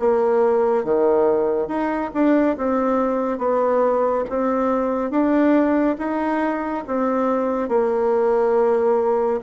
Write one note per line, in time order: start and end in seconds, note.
0.00 0.85 A#3
0.85 1.68 D#3
1.68 2.11 D#4
2.14 2.57 D4
2.58 3.39 C4
3.39 4.25 B3
4.30 5.11 C4
5.11 5.96 D4
5.99 6.85 D#4
6.88 7.69 C4
7.69 9.41 A#3